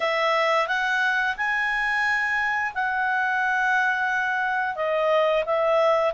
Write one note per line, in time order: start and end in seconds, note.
0.00 0.67 E5
0.67 1.35 F#5
1.36 2.73 G#5
2.74 4.75 F#5
4.75 5.44 D#5
5.45 6.13 E5